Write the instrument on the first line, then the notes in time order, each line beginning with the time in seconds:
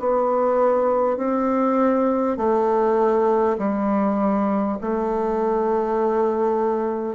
bassoon
0.00 B3
1.18 C4
2.38 A3
3.59 G3
4.81 A3